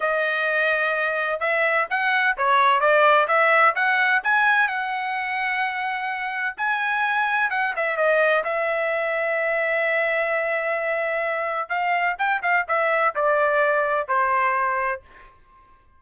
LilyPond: \new Staff \with { instrumentName = "trumpet" } { \time 4/4 \tempo 4 = 128 dis''2. e''4 | fis''4 cis''4 d''4 e''4 | fis''4 gis''4 fis''2~ | fis''2 gis''2 |
fis''8 e''8 dis''4 e''2~ | e''1~ | e''4 f''4 g''8 f''8 e''4 | d''2 c''2 | }